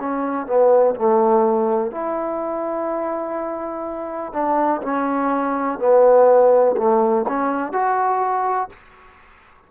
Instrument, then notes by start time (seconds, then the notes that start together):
trombone
0.00 C#4
0.47 B3
0.95 A3
1.92 E4
4.33 D4
4.83 C#4
5.79 B3
6.77 A3
7.28 C#4
7.73 F#4